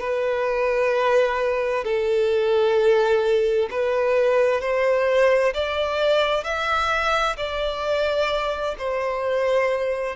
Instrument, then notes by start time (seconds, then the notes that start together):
violin
0.00 B4
1.84 A4
3.71 B4
4.61 C5
5.54 D5
6.44 E5
7.37 D5
8.78 C5